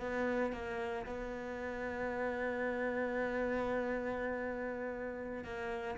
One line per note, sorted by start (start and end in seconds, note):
0.00 0.53 B3
0.53 1.06 A#3
1.06 5.44 B3
5.44 5.98 A#3